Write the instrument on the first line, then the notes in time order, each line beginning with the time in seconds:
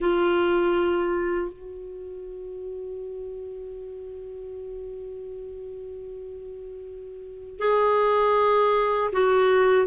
clarinet
0.00 F4
1.52 F#4
7.58 G#4
9.12 F#4